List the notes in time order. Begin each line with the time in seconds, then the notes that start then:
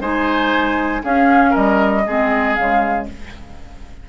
0.00 G#3 D#4 C5 G#5
1.03 C#4 G#4 F5
1.50 G3 A#4 D#5
2.07 G#3 C4 G#4
2.55 C#3 G#3 F5